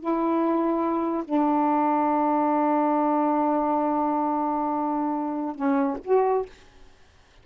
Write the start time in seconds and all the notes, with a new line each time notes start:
0.00 E4
1.25 D4
5.56 C#4
6.05 F#4